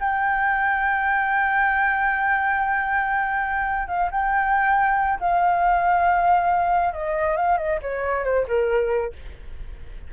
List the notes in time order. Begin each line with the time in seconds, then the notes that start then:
0.00 G5
3.88 F5
4.11 G5
5.20 F5
6.94 D#5
7.37 F5
7.58 D#5
7.82 C#5
8.25 C5
8.48 A#4